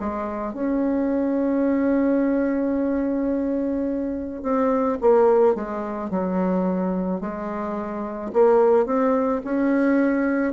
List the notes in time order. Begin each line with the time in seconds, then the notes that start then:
0.00 G#3
0.54 C#4
4.43 C4
5.02 A#3
5.56 G#3
6.11 F#3
7.21 G#3
8.33 A#3
8.86 C4
9.44 C#4